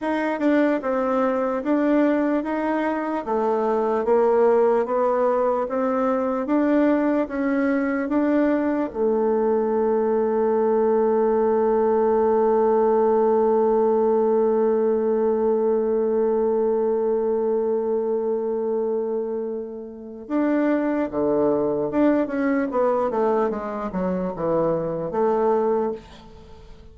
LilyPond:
\new Staff \with { instrumentName = "bassoon" } { \time 4/4 \tempo 4 = 74 dis'8 d'8 c'4 d'4 dis'4 | a4 ais4 b4 c'4 | d'4 cis'4 d'4 a4~ | a1~ |
a1~ | a1~ | a4 d'4 d4 d'8 cis'8 | b8 a8 gis8 fis8 e4 a4 | }